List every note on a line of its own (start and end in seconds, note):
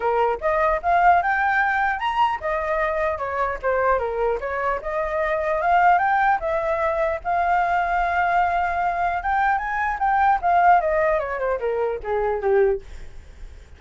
0.00 0.39 A#4
0.40 0.80 D#5
0.82 1.22 F5
1.22 1.99 G5
1.99 2.39 A#5
2.40 3.17 D#5
3.17 3.57 C#5
3.62 3.99 C5
3.99 4.39 A#4
4.40 4.80 C#5
4.81 5.61 D#5
5.61 5.98 F5
5.98 6.38 G5
6.40 7.20 E5
7.23 9.23 F5
9.23 9.57 G5
9.57 9.97 G#5
9.99 10.39 G5
10.41 10.81 F5
10.81 11.19 D#5
11.19 11.39 C#5
11.39 11.59 C5
11.59 11.99 A#4
12.03 12.41 G#4
12.41 12.81 G4